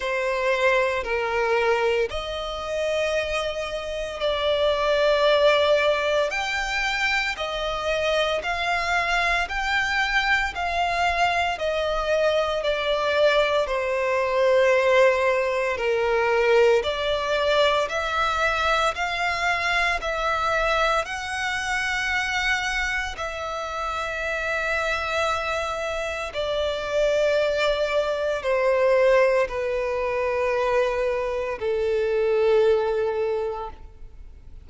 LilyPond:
\new Staff \with { instrumentName = "violin" } { \time 4/4 \tempo 4 = 57 c''4 ais'4 dis''2 | d''2 g''4 dis''4 | f''4 g''4 f''4 dis''4 | d''4 c''2 ais'4 |
d''4 e''4 f''4 e''4 | fis''2 e''2~ | e''4 d''2 c''4 | b'2 a'2 | }